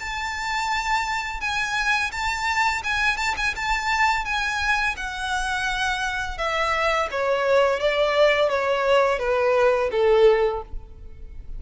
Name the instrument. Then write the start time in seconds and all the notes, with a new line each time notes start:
violin
0.00 A5
1.41 G#5
2.12 A5
2.84 G#5
3.17 A5
3.37 G#5
3.56 A5
4.25 G#5
4.97 F#5
6.39 E5
7.11 C#5
7.80 D5
8.50 C#5
9.20 B4
9.92 A4